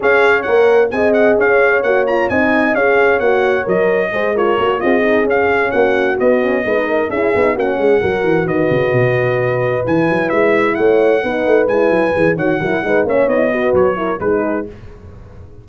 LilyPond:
<<
  \new Staff \with { instrumentName = "trumpet" } { \time 4/4 \tempo 4 = 131 f''4 fis''4 gis''8 fis''8 f''4 | fis''8 ais''8 gis''4 f''4 fis''4 | dis''4. cis''4 dis''4 f''8~ | f''8 fis''4 dis''2 e''8~ |
e''8 fis''2 dis''4.~ | dis''4. gis''4 e''4 fis''8~ | fis''4. gis''4. fis''4~ | fis''8 e''8 dis''4 cis''4 b'4 | }
  \new Staff \with { instrumentName = "horn" } { \time 4/4 cis''2 dis''4 cis''4~ | cis''4 dis''4 cis''2~ | cis''4 c''8 ais'4 gis'4.~ | gis'8 fis'2 b'8 ais'8 gis'8~ |
gis'8 fis'8 gis'8 ais'4 b'4.~ | b'2.~ b'8 cis''8~ | cis''8 b'2~ b'8 cis''8 ais'8 | b'8 cis''4 b'4 ais'8 gis'4 | }
  \new Staff \with { instrumentName = "horn" } { \time 4/4 gis'4 ais'4 gis'2 | fis'8 f'8 dis'4 gis'4 fis'4 | ais'4 gis'8 f'8 fis'8 f'8 dis'8 cis'8~ | cis'4. b8 cis'8 dis'4 e'8 |
dis'8 cis'4 fis'2~ fis'8~ | fis'4. e'2~ e'8~ | e'8 dis'4 e'4 gis'8 fis'8 e'8 | dis'8 cis'8 dis'16 e'16 fis'4 e'8 dis'4 | }
  \new Staff \with { instrumentName = "tuba" } { \time 4/4 cis'4 ais4 c'4 cis'4 | ais4 c'4 cis'4 ais4 | fis4 gis4 ais8 c'4 cis'8~ | cis'8 ais4 b4 gis4 cis'8 |
b8 ais8 gis8 fis8 e8 dis8 cis8 b,8~ | b,4. e8 fis8 gis4 a8~ | a8 b8 a8 gis8 fis8 e8 dis8 fis8 | gis8 ais8 b4 fis4 gis4 | }
>>